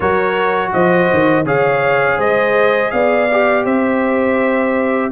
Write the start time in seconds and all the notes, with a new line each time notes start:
0.00 F#3 F#4 A#4 C#5
0.72 F3 C5 D#5
1.13 D#3
1.45 C#3 G#4 C#5 F5
2.18 G#3 C5 D#5
2.91 B3 D5 F5
3.31 G4
3.64 C4 C5 E5